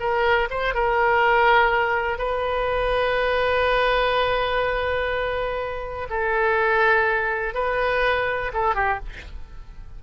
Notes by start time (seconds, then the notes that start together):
0.00 A#4
0.50 C5
0.74 A#4
2.18 B4
6.10 A4
7.54 B4
8.53 A4
8.75 G4